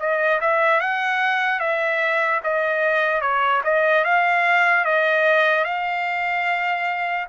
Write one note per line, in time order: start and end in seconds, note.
0.00 0.41 D#5
0.41 0.80 E5
0.80 1.60 F#5
1.60 2.41 E5
2.44 3.21 D#5
3.21 3.62 C#5
3.64 4.04 D#5
4.04 4.85 F5
4.85 5.65 D#5
5.65 7.27 F5